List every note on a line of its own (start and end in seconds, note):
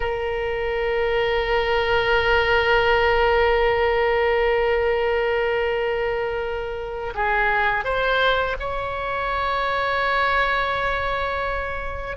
0.00 7.13 A#4
7.14 7.84 G#4
7.84 8.56 C5
8.59 12.16 C#5